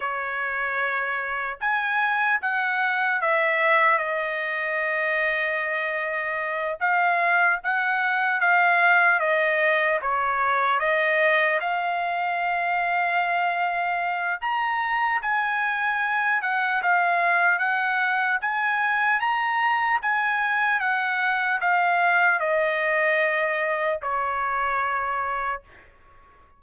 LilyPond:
\new Staff \with { instrumentName = "trumpet" } { \time 4/4 \tempo 4 = 75 cis''2 gis''4 fis''4 | e''4 dis''2.~ | dis''8 f''4 fis''4 f''4 dis''8~ | dis''8 cis''4 dis''4 f''4.~ |
f''2 ais''4 gis''4~ | gis''8 fis''8 f''4 fis''4 gis''4 | ais''4 gis''4 fis''4 f''4 | dis''2 cis''2 | }